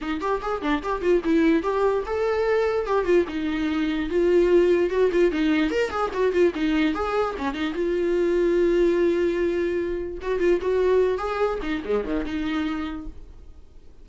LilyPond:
\new Staff \with { instrumentName = "viola" } { \time 4/4 \tempo 4 = 147 dis'8 g'8 gis'8 d'8 g'8 f'8 e'4 | g'4 a'2 g'8 f'8 | dis'2 f'2 | fis'8 f'8 dis'4 ais'8 gis'8 fis'8 f'8 |
dis'4 gis'4 cis'8 dis'8 f'4~ | f'1~ | f'4 fis'8 f'8 fis'4. gis'8~ | gis'8 dis'8 gis8 dis8 dis'2 | }